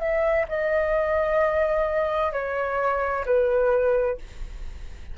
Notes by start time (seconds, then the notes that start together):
0.00 E5
0.49 D#5
2.33 C#5
3.26 B4